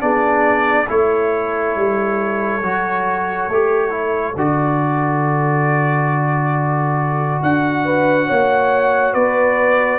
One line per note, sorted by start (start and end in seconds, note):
0.00 0.89 B3
0.00 0.87 D4
0.00 0.87 G#4
0.00 0.88 D5
0.87 1.76 A3
0.87 2.63 E4
0.87 7.82 A4
0.87 4.38 C#5
1.76 2.62 G3
2.62 3.48 F#3
2.62 3.51 F#4
3.48 4.35 A3
3.48 3.90 G4
3.90 4.34 E4
4.36 7.40 D3
4.36 10.00 F#4
4.36 7.43 D5
7.43 8.30 D4
7.43 9.14 F#5
7.85 8.27 B4
8.27 9.15 A#3
8.27 9.14 C#5
9.14 10.00 B3
9.14 10.00 B4
9.14 10.00 D5